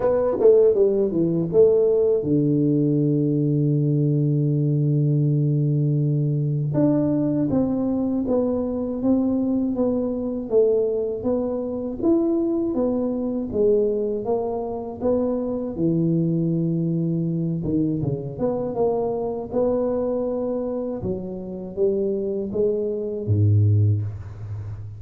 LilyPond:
\new Staff \with { instrumentName = "tuba" } { \time 4/4 \tempo 4 = 80 b8 a8 g8 e8 a4 d4~ | d1~ | d4 d'4 c'4 b4 | c'4 b4 a4 b4 |
e'4 b4 gis4 ais4 | b4 e2~ e8 dis8 | cis8 b8 ais4 b2 | fis4 g4 gis4 gis,4 | }